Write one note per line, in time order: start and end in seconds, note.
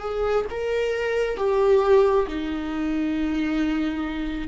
0.00 0.45 G#4
0.50 1.37 A#4
1.37 2.26 G4
2.27 4.48 D#4